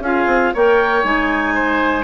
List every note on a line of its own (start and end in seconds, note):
0.00 0.25 C#4
0.00 0.55 F4
0.00 0.54 G#4
0.00 0.54 F5
0.26 0.52 C4
0.54 1.04 A#3
0.54 1.04 A#4
0.54 1.55 C#5
0.54 1.05 G5
1.04 2.04 G#3
1.04 2.04 D#4
1.04 2.04 G#5
1.55 2.04 C5